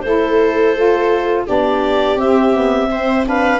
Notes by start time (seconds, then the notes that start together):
0.00 A3 E4 C5
0.06 A4
0.75 F4
1.46 B3 D4 G4 D5
2.16 C4 E5
2.53 B3
2.91 C4 C5
3.24 D4 B4 F5